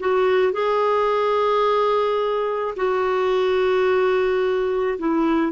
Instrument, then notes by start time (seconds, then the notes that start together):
clarinet
0.00 F#4
0.53 G#4
2.76 F#4
4.99 E4